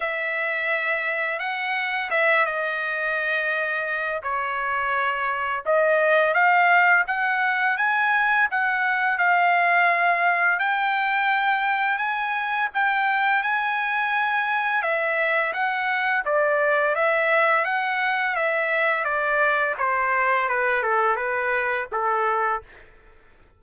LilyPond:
\new Staff \with { instrumentName = "trumpet" } { \time 4/4 \tempo 4 = 85 e''2 fis''4 e''8 dis''8~ | dis''2 cis''2 | dis''4 f''4 fis''4 gis''4 | fis''4 f''2 g''4~ |
g''4 gis''4 g''4 gis''4~ | gis''4 e''4 fis''4 d''4 | e''4 fis''4 e''4 d''4 | c''4 b'8 a'8 b'4 a'4 | }